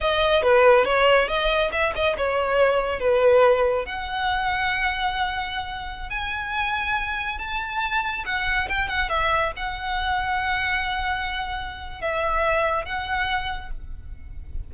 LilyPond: \new Staff \with { instrumentName = "violin" } { \time 4/4 \tempo 4 = 140 dis''4 b'4 cis''4 dis''4 | e''8 dis''8 cis''2 b'4~ | b'4 fis''2.~ | fis''2~ fis''16 gis''4.~ gis''16~ |
gis''4~ gis''16 a''2 fis''8.~ | fis''16 g''8 fis''8 e''4 fis''4.~ fis''16~ | fis''1 | e''2 fis''2 | }